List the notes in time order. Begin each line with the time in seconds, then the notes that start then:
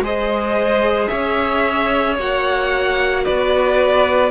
0.00 G#3 G#4 C5 D#5
1.08 C#4 C#5 E5
2.19 A#3 F#4 F#5
3.25 B3 B4 D5